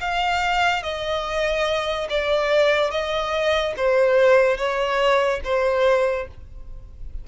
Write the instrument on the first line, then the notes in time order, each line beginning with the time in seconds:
violin
0.00 F5
0.82 D#5
2.09 D5
2.90 D#5
3.76 C5
4.57 C#5
5.44 C5